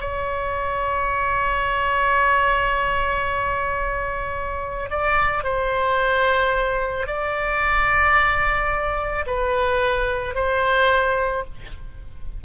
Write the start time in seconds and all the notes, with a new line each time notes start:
0.00 C#5
4.90 D5
5.43 C5
7.07 D5
9.26 B4
10.35 C5